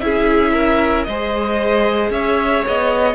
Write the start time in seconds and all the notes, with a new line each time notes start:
0.00 C#4 E4 G#4 E5
0.53 A#4
1.04 G#3 G#4 C5 D#5
2.09 C#4 C#5 E5
2.67 B3 D#5